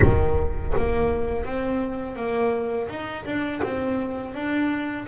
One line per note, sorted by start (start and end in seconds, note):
0.02 0.74 D#3
0.76 1.44 A#3
1.44 2.16 C4
2.16 2.88 A#3
2.88 3.24 D#4
3.25 3.61 D4
3.62 4.34 C4
4.34 5.06 D4